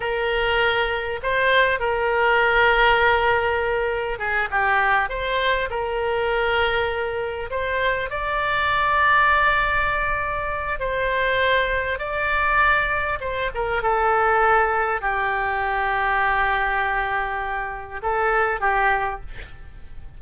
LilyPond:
\new Staff \with { instrumentName = "oboe" } { \time 4/4 \tempo 4 = 100 ais'2 c''4 ais'4~ | ais'2. gis'8 g'8~ | g'8 c''4 ais'2~ ais'8~ | ais'8 c''4 d''2~ d''8~ |
d''2 c''2 | d''2 c''8 ais'8 a'4~ | a'4 g'2.~ | g'2 a'4 g'4 | }